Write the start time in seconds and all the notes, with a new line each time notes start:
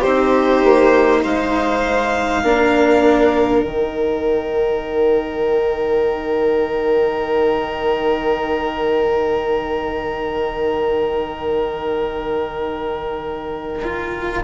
0.00 C4 D#4 G4 C5
0.64 A#3
1.22 G#3 C5 F5
2.43 A#3 D4 A#4
3.62 D#3 D#4 G5
13.83 F4